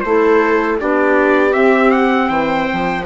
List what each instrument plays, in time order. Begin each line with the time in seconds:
0.00 bassoon A3, clarinet E4, viola A4, trumpet C5
0.79 bassoon B3, clarinet D4, viola G4, trumpet D5
1.50 clarinet C4, bassoon C4, trumpet E5
1.91 trumpet F#5
2.27 bassoon E3, viola C5, trumpet G5
2.73 bassoon F3